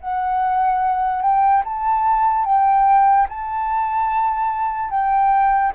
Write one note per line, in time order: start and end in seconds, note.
0.00 1.22 F#5
1.22 1.63 G5
1.64 2.45 A5
2.45 3.27 G5
3.29 4.90 A5
4.90 5.72 G5